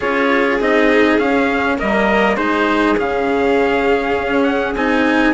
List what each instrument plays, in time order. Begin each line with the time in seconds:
0.00 bassoon C#4, cello F4, violin G#4, trumpet C#5
0.60 bassoon C4, cello D#4, trumpet D#5
1.18 bassoon C#4, cello C#4, trumpet F5
1.77 bassoon G3, cello A#3, violin A#4, trumpet D#5
2.36 bassoon G#3, cello D#4, violin G#4, trumpet C5
2.97 bassoon C#3, cello C#4, trumpet F5
4.16 bassoon C#4
4.43 trumpet F#5
4.75 bassoon C4, cello D#4, trumpet G#5